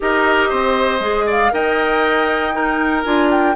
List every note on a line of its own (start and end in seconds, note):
0.00 0.51 D#4
0.00 1.01 G4
0.00 0.49 A#4
0.00 1.29 D#5
0.49 0.99 C4
0.49 1.25 C5
0.99 1.50 G#3
0.99 1.50 G#4
1.26 1.51 D5
1.26 1.53 F5
1.50 3.04 D#4
1.50 2.52 A#4
1.50 2.54 D#5
1.50 3.04 G5
2.52 3.03 D#4
2.52 3.55 A#4
3.04 3.55 D4
3.04 3.55 F4
3.04 3.29 G#5
3.30 3.55 G5